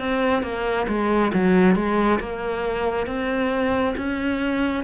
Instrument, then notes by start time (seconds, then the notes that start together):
cello
0.00 C4
0.43 A#3
0.88 G#3
1.34 F#3
1.76 G#3
2.20 A#3
3.07 C4
3.97 C#4